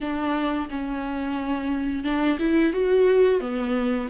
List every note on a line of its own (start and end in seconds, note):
0.00 0.68 D4
0.70 2.04 C#4
2.04 2.38 D4
2.39 2.72 E4
2.72 3.40 F#4
3.40 4.08 B3